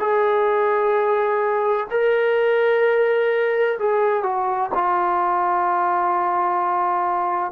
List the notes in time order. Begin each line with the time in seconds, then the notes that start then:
0.00 G#4
1.91 A#4
3.79 G#4
4.24 F#4
4.74 F4